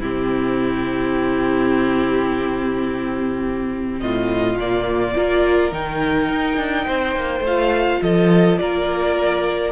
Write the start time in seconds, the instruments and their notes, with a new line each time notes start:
0.00 cello C3, viola C4, violin E4 G4
4.00 cello A2, violin F4 D#5
4.56 cello A#2, viola A#3, violin D5
5.15 cello A#3, viola F4, violin A#4
5.71 cello D#3, viola D#4, violin G5
6.29 cello D#4
6.56 cello D4
6.85 cello C4, violin C5
7.15 cello A#3
7.39 cello A3
7.46 viola F4, violin F5
8.02 cello F3, violin A4 D#5
8.58 cello A#3, violin A#4 D5